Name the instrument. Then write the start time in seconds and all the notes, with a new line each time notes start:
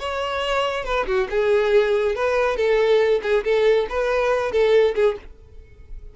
violin
0.00 C#5
0.85 B4
1.07 F#4
1.31 G#4
2.16 B4
2.57 A4
3.23 G#4
3.45 A4
3.90 B4
4.52 A4
4.95 G#4